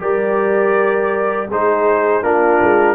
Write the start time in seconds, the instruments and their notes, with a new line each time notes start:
0.00 tuba G3, trombone G4, horn A#4, trumpet D5
1.50 tuba G#3, trombone D#4, horn G#4, trumpet C5
2.23 tuba A#3, trombone D4, horn F4, trumpet A#4
2.63 tuba G#3